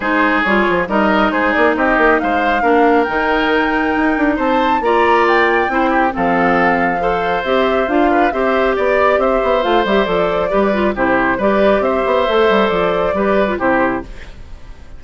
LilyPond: <<
  \new Staff \with { instrumentName = "flute" } { \time 4/4 \tempo 4 = 137 c''4 cis''4 dis''4 c''8 d''8 | dis''4 f''2 g''4~ | g''2 a''4 ais''4 | g''2 f''2~ |
f''4 e''4 f''4 e''4 | d''4 e''4 f''8 e''8 d''4~ | d''4 c''4 d''4 e''4~ | e''4 d''2 c''4 | }
  \new Staff \with { instrumentName = "oboe" } { \time 4/4 gis'2 ais'4 gis'4 | g'4 c''4 ais'2~ | ais'2 c''4 d''4~ | d''4 c''8 g'8 a'2 |
c''2~ c''8 b'8 c''4 | d''4 c''2. | b'4 g'4 b'4 c''4~ | c''2 b'4 g'4 | }
  \new Staff \with { instrumentName = "clarinet" } { \time 4/4 dis'4 f'4 dis'2~ | dis'2 d'4 dis'4~ | dis'2. f'4~ | f'4 e'4 c'2 |
a'4 g'4 f'4 g'4~ | g'2 f'8 g'8 a'4 | g'8 f'8 e'4 g'2 | a'2 g'8. f'16 e'4 | }
  \new Staff \with { instrumentName = "bassoon" } { \time 4/4 gis4 g8 f8 g4 gis8 ais8 | c'8 ais8 gis4 ais4 dis4~ | dis4 dis'8 d'8 c'4 ais4~ | ais4 c'4 f2~ |
f4 c'4 d'4 c'4 | b4 c'8 b8 a8 g8 f4 | g4 c4 g4 c'8 b8 | a8 g8 f4 g4 c4 | }
>>